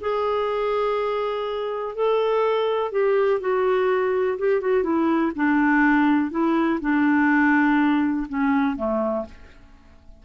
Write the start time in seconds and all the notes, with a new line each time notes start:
0.00 G#4
1.95 A4
2.91 G4
3.40 F#4
4.38 G4
4.60 F#4
4.83 E4
5.35 D4
6.30 E4
6.80 D4
8.28 C#4
8.76 A3